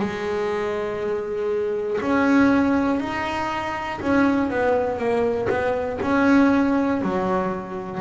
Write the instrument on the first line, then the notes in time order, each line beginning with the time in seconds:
double bass
0.00 G#3
2.01 C#4
3.01 D#4
4.01 C#4
4.51 B3
4.99 A#3
5.50 B3
6.02 C#4
7.02 F#3